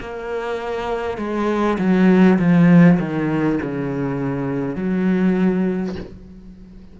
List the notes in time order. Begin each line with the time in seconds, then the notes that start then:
0.00 A#3
1.18 G#3
1.78 F#3
2.38 F3
2.99 D#3
3.62 C#3
4.76 F#3